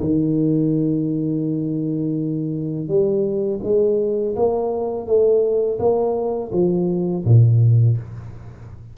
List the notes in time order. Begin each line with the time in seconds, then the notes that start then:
0.00 D#3
2.88 G3
3.63 G#3
4.35 A#3
5.06 A3
5.79 A#3
6.52 F3
7.25 A#2